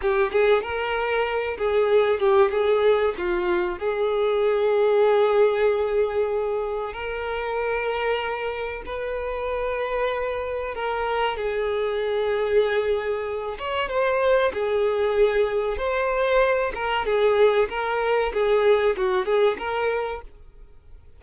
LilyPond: \new Staff \with { instrumentName = "violin" } { \time 4/4 \tempo 4 = 95 g'8 gis'8 ais'4. gis'4 g'8 | gis'4 f'4 gis'2~ | gis'2. ais'4~ | ais'2 b'2~ |
b'4 ais'4 gis'2~ | gis'4. cis''8 c''4 gis'4~ | gis'4 c''4. ais'8 gis'4 | ais'4 gis'4 fis'8 gis'8 ais'4 | }